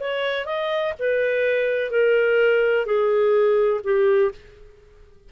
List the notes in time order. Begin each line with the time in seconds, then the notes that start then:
0.00 C#5
0.46 D#5
0.99 B4
1.91 A#4
2.86 G#4
3.84 G4